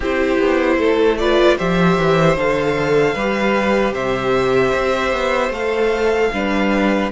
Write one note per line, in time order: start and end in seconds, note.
0.00 0.37 C4
0.00 1.19 E4
0.00 0.77 G4
0.00 1.17 C5
0.39 0.77 B3
0.77 1.56 A3
0.77 1.17 A4
1.17 1.58 F4
1.17 1.57 B4
1.17 1.57 D5
1.57 1.97 F3
1.57 2.37 G4
1.57 3.14 C5
1.57 2.37 E5
1.97 2.36 E3
2.36 3.14 D3
2.36 3.16 A4
2.36 3.93 F5
3.14 3.93 G3
3.14 5.53 G4
3.14 3.93 B4
3.93 4.72 C3
3.93 6.30 C5
3.93 5.51 E5
4.73 5.12 C4
5.12 5.49 B3
5.49 6.28 A3
5.49 6.32 A4
5.49 7.11 F5
6.32 7.11 G3
6.32 7.11 D4
6.32 7.11 B4